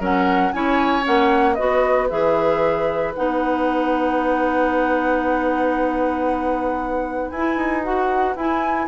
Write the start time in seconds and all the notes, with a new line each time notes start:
0.00 F#3 C#4 A#4 F#5
0.53 C#4 E4 C#5 G#5
1.03 A#3 C#4 F#5
1.55 B3 F#4 B4 D#5
2.10 E3 G#4 E5
3.15 B3 D#4 F#5
7.31 E4 G#5
7.56 D#4
7.83 F#4 F#5
8.36 E4 G#5